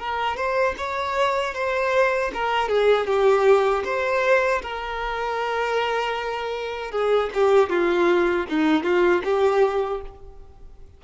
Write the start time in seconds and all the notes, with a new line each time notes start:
0.00 A#4
0.37 C5
0.78 C#5
1.55 C5
2.34 A#4
2.69 G#4
3.07 G4
3.85 C5
4.63 A#4
6.92 G#4
7.34 G4
7.70 F4
8.50 D#4
8.84 F4
9.24 G4